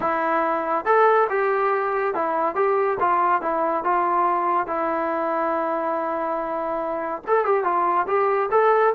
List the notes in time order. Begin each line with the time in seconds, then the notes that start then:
0.00 E4
0.85 A4
1.29 G4
2.14 E4
2.55 G4
3.00 F4
3.41 E4
3.84 F4
4.66 E4
7.27 A4
7.45 G4
7.64 F4
8.07 G4
8.51 A4